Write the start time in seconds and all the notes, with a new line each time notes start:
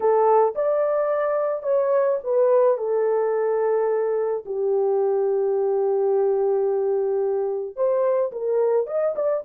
0.00 A4
0.55 D5
1.62 C#5
2.23 B4
2.77 A4
4.45 G4
7.76 C5
8.32 A#4
8.87 D#5
9.15 D5